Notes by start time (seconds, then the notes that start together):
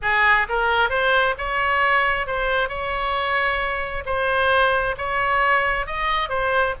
0.01 G#4
0.48 A#4
0.89 C5
1.38 C#5
2.27 C5
2.68 C#5
4.05 C5
4.97 C#5
5.86 D#5
6.29 C5